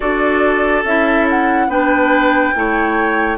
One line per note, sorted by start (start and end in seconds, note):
0.00 0.83 D4
0.00 0.84 F#4
0.00 1.66 A4
0.00 0.84 D5
0.83 1.67 C#4
0.83 1.69 E4
0.83 1.27 E5
1.29 1.70 F#5
1.67 2.52 B3
1.67 2.54 D4
1.67 2.54 B4
1.67 3.37 G5
2.54 3.37 A3
2.54 3.37 E4
2.54 3.37 C#5